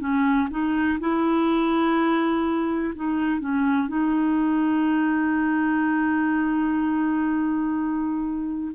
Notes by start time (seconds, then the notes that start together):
0.00 C#4
0.51 D#4
1.00 E4
2.95 D#4
3.40 C#4
3.88 D#4